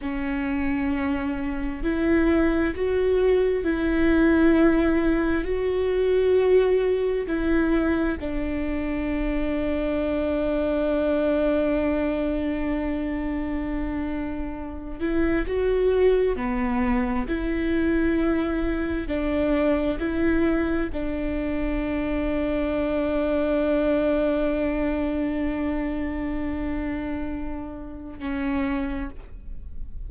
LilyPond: \new Staff \with { instrumentName = "viola" } { \time 4/4 \tempo 4 = 66 cis'2 e'4 fis'4 | e'2 fis'2 | e'4 d'2.~ | d'1~ |
d'8 e'8 fis'4 b4 e'4~ | e'4 d'4 e'4 d'4~ | d'1~ | d'2. cis'4 | }